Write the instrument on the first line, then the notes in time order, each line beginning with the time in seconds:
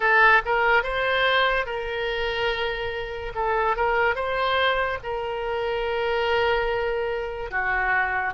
oboe
0.00 A4
0.45 A#4
0.83 C5
1.66 A#4
3.34 A4
3.76 A#4
4.15 C5
5.03 A#4
7.50 F#4